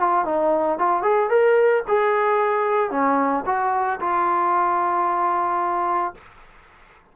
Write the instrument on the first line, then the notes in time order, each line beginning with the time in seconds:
trombone
0.00 F4
0.26 D#4
0.79 F4
1.03 G#4
1.30 A#4
1.88 G#4
2.91 C#4
3.46 F#4
4.01 F4